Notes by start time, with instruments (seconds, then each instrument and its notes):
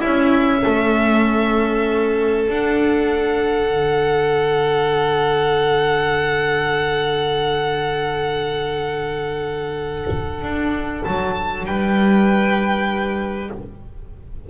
0.00 double bass C#4, saxophone C#4, violin E4 E5
0.64 double bass A3, violin A4
2.48 saxophone D4, double bass D4, violin F#5
3.71 double bass D3
10.43 double bass D4
11.04 double bass F#3, violin A5
11.66 double bass G3, violin B4 G5